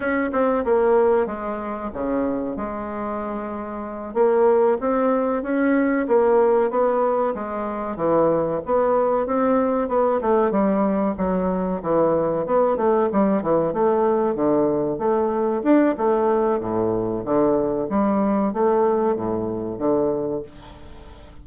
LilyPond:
\new Staff \with { instrumentName = "bassoon" } { \time 4/4 \tempo 4 = 94 cis'8 c'8 ais4 gis4 cis4 | gis2~ gis8 ais4 c'8~ | c'8 cis'4 ais4 b4 gis8~ | gis8 e4 b4 c'4 b8 |
a8 g4 fis4 e4 b8 | a8 g8 e8 a4 d4 a8~ | a8 d'8 a4 a,4 d4 | g4 a4 a,4 d4 | }